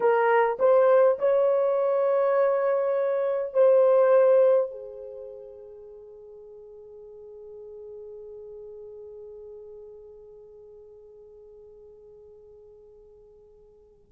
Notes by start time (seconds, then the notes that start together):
0.00 A#4
0.59 C5
1.18 C#5
3.53 C5
4.71 G#4